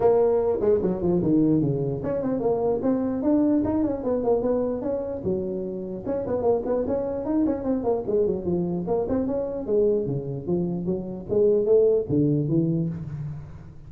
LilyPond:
\new Staff \with { instrumentName = "tuba" } { \time 4/4 \tempo 4 = 149 ais4. gis8 fis8 f8 dis4 | cis4 cis'8 c'8 ais4 c'4 | d'4 dis'8 cis'8 b8 ais8 b4 | cis'4 fis2 cis'8 b8 |
ais8 b8 cis'4 dis'8 cis'8 c'8 ais8 | gis8 fis8 f4 ais8 c'8 cis'4 | gis4 cis4 f4 fis4 | gis4 a4 d4 e4 | }